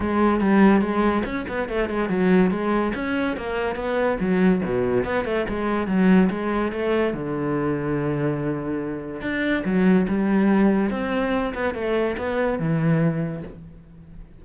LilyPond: \new Staff \with { instrumentName = "cello" } { \time 4/4 \tempo 4 = 143 gis4 g4 gis4 cis'8 b8 | a8 gis8 fis4 gis4 cis'4 | ais4 b4 fis4 b,4 | b8 a8 gis4 fis4 gis4 |
a4 d2.~ | d2 d'4 fis4 | g2 c'4. b8 | a4 b4 e2 | }